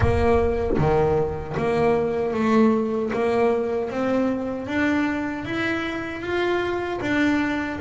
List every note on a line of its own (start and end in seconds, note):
0.00 0.77 A#3
0.78 1.55 D#3
1.57 2.33 A#3
2.33 3.11 A3
3.13 3.90 A#3
3.90 4.66 C4
4.66 5.44 D4
5.44 6.21 E4
6.21 6.99 F4
7.01 7.79 D4